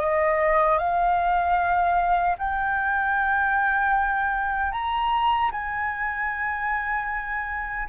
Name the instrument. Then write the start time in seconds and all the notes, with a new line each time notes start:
flute
0.00 D#5
0.79 F5
2.39 G5
4.72 A#5
5.52 G#5